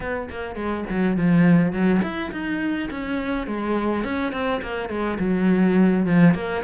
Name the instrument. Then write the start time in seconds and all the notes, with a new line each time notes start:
cello
0.00 B3
0.30 A#3
0.55 G#3
0.89 F#3
1.16 F3
1.72 F#3
2.02 E4
2.31 D#4
2.90 C#4
3.46 G#3
4.04 C#4
4.32 C4
4.62 A#3
4.89 G#3
5.19 F#3
6.06 F3
6.34 A#3